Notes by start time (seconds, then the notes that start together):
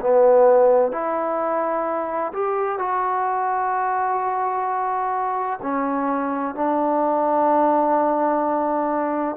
0.00 B3
0.91 E4
2.33 G4
2.78 F#4
5.62 C#4
6.55 D4